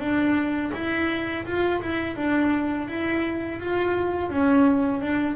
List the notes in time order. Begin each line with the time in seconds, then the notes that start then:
0.00 D4
0.74 E4
1.46 F4
1.82 E4
2.17 D4
2.89 E4
3.60 F4
4.30 C#4
5.02 D4